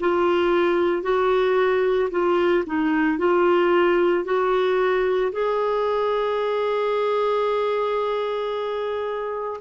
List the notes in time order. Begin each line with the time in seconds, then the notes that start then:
0.00 F4
1.02 F#4
2.10 F4
2.66 D#4
3.18 F4
4.25 F#4
5.32 G#4